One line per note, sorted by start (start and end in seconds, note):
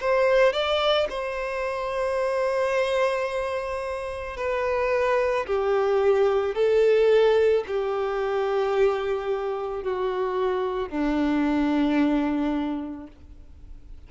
0.00 0.53 C5
0.53 1.07 D5
1.09 4.36 C5
4.36 5.45 B4
5.46 6.55 G4
6.55 7.64 A4
7.67 9.83 G4
9.83 10.88 F#4
10.88 13.07 D4